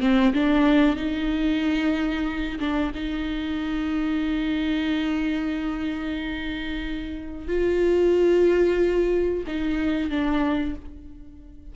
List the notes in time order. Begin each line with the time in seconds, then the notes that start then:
0.00 C4
0.33 D4
0.96 D#4
2.59 D4
2.94 D#4
7.48 F4
9.47 D#4
10.10 D4